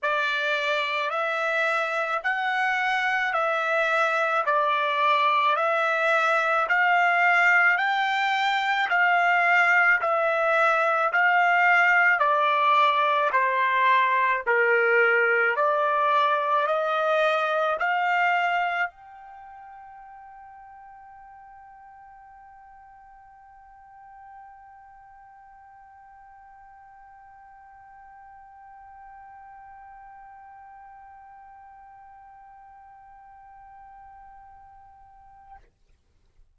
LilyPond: \new Staff \with { instrumentName = "trumpet" } { \time 4/4 \tempo 4 = 54 d''4 e''4 fis''4 e''4 | d''4 e''4 f''4 g''4 | f''4 e''4 f''4 d''4 | c''4 ais'4 d''4 dis''4 |
f''4 g''2.~ | g''1~ | g''1~ | g''1 | }